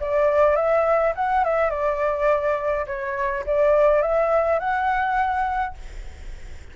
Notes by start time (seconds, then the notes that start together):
0.00 D5
0.56 E5
1.15 F#5
1.44 E5
1.70 D5
2.86 C#5
3.46 D5
4.02 E5
4.59 F#5